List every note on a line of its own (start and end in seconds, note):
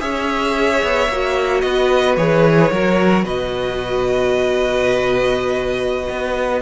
0.00 0.83 C#4
0.00 1.08 G#4
0.00 1.64 C#5
0.00 1.61 E5
0.83 1.09 B3
1.09 1.63 A#3
1.09 2.18 F#4
1.61 2.17 B3
1.61 2.72 B4
1.61 2.15 D#5
2.17 2.71 E3
2.17 2.72 G#4
2.17 3.25 C#5
2.71 3.24 F#3
2.71 6.62 F#4
2.71 3.24 A#4
3.24 6.08 B2
3.24 6.62 B4
3.24 6.62 D#5
6.09 6.62 B3